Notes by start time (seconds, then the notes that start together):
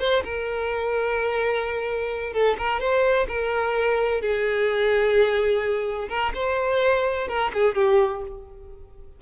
0.00 C5
0.24 A#4
2.34 A4
2.58 A#4
2.80 C5
3.28 A#4
4.21 G#4
6.09 A#4
6.35 C5
7.28 A#4
7.54 G#4
7.75 G4